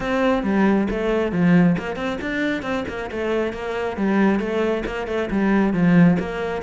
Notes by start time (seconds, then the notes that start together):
0.00 C4
0.43 G3
0.90 A3
1.31 F3
1.78 A#3
1.96 C4
2.21 D4
2.62 C4
2.88 A#3
3.11 A3
3.52 A#3
3.96 G3
4.39 A3
4.85 A#3
5.07 A3
5.30 G3
5.73 F3
6.19 A#3